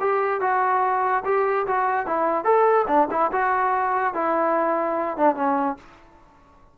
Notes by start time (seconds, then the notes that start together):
0.00 G4
0.41 F#4
1.25 G4
1.66 F#4
2.06 E4
2.44 A4
2.87 D4
3.11 E4
3.32 F#4
4.14 E4
5.17 D4
5.35 C#4